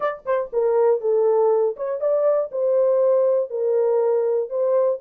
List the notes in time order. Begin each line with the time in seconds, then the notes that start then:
0.00 D5
0.25 C5
0.52 A#4
1.00 A4
1.76 C#5
2.00 D5
2.51 C5
3.50 A#4
4.49 C5